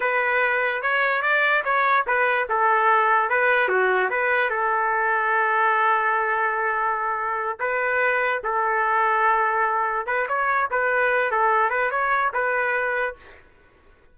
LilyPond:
\new Staff \with { instrumentName = "trumpet" } { \time 4/4 \tempo 4 = 146 b'2 cis''4 d''4 | cis''4 b'4 a'2 | b'4 fis'4 b'4 a'4~ | a'1~ |
a'2~ a'8 b'4.~ | b'8 a'2.~ a'8~ | a'8 b'8 cis''4 b'4. a'8~ | a'8 b'8 cis''4 b'2 | }